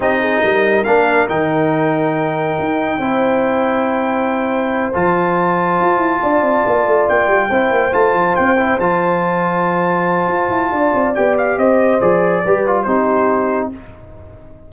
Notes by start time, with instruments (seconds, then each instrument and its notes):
0.00 tuba C4, trombone D#4, horn G4, trumpet D#5
0.20 horn G#4
0.42 tuba G3, horn A#4
0.83 tuba A#3, trombone D4, trumpet F5
1.28 tuba D#3, trombone D#4, trumpet G5
2.59 tuba D#4
2.97 tuba C4, trombone E4, horn C5
4.93 tuba F3, trombone F4, trumpet A5
5.80 tuba F4
5.97 tuba E4
6.22 tuba D4, horn D5
6.41 tuba C4
6.66 tuba A#3
6.86 tuba A3
7.08 tuba A#3, trumpet G5
7.27 tuba G3
7.50 tuba C4, trombone E4, horn C5
7.70 tuba A#3
7.92 tuba A3, trombone F4, trumpet A5
8.13 tuba F3
8.35 tuba C4, trumpet G5
8.56 trombone E4
8.79 tuba F3, trombone F4, trumpet A5
10.27 tuba F4
10.49 tuba E4
10.71 tuba D4, horn D5
10.94 tuba C4
11.14 tuba B3, trombone G4, trumpet G5
11.37 trumpet F5
11.57 tuba C4, horn C5, trumpet D#5
12.00 tuba F3, trombone G#4, trumpet D5
12.44 tuba G3, trombone G4, horn B4
12.66 trombone F4
12.82 tuba C4, trombone D#4, horn G4, trumpet C5